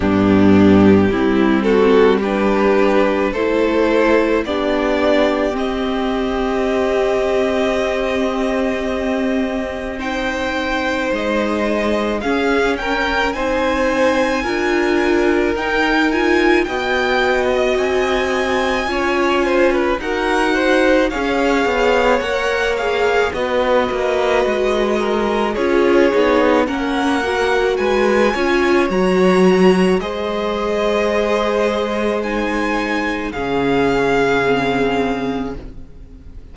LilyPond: <<
  \new Staff \with { instrumentName = "violin" } { \time 4/4 \tempo 4 = 54 g'4. a'8 b'4 c''4 | d''4 dis''2.~ | dis''4 g''4 dis''4 f''8 g''8 | gis''2 g''8 gis''8 g''8. dis''16 |
gis''2 fis''4 f''4 | fis''8 f''8 dis''2 cis''4 | fis''4 gis''4 ais''4 dis''4~ | dis''4 gis''4 f''2 | }
  \new Staff \with { instrumentName = "violin" } { \time 4/4 d'4 e'8 fis'8 g'4 a'4 | g'1~ | g'4 c''2 gis'8 ais'8 | c''4 ais'2 dis''4~ |
dis''4 cis''8 c''16 b'16 ais'8 c''8 cis''4~ | cis''4 b'4. ais'8 gis'4 | ais'4 b'8 cis''4. c''4~ | c''2 gis'2 | }
  \new Staff \with { instrumentName = "viola" } { \time 4/4 b4 c'4 d'4 e'4 | d'4 c'2.~ | c'4 dis'2 cis'4 | dis'4 f'4 dis'8 f'8 fis'4~ |
fis'4 f'4 fis'4 gis'4 | ais'8 gis'8 fis'2 f'8 dis'8 | cis'8 fis'4 f'8 fis'4 gis'4~ | gis'4 dis'4 cis'4 c'4 | }
  \new Staff \with { instrumentName = "cello" } { \time 4/4 g,4 g2 a4 | b4 c'2.~ | c'2 gis4 cis'4 | c'4 d'4 dis'4 b4 |
c'4 cis'4 dis'4 cis'8 b8 | ais4 b8 ais8 gis4 cis'8 b8 | ais4 gis8 cis'8 fis4 gis4~ | gis2 cis2 | }
>>